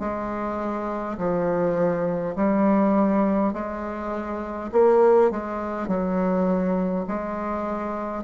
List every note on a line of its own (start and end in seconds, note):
0.00 1.18 G#3
1.18 2.35 F3
2.36 3.53 G3
3.53 4.71 G#3
4.72 5.31 A#3
5.31 5.88 G#3
5.88 7.05 F#3
7.08 8.24 G#3